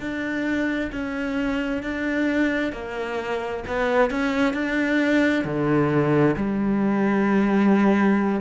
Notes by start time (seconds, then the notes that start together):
0.00 D4
0.92 C#4
1.83 D4
2.73 A#3
3.67 B3
4.11 C#4
4.54 D4
5.45 D3
6.36 G3